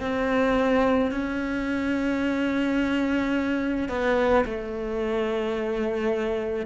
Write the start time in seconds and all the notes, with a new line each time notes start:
0.00 C4
1.11 C#4
3.88 B3
4.45 A3